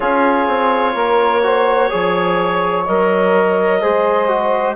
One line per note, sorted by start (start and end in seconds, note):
0.00 0.47 C#4
0.00 1.42 F4
0.00 0.92 G#4
0.00 2.85 C#5
0.47 0.94 C4
0.94 1.89 A#3
0.94 1.41 A#4
1.42 1.90 F#4
1.42 1.90 C5
1.90 2.88 F3
1.90 2.85 G#4
1.90 3.80 C#5
2.85 3.83 F#3
2.85 3.82 A#4
2.85 4.76 D#5
3.80 4.76 G#3
3.80 4.28 G#4
3.80 4.76 C5
4.28 4.76 F#4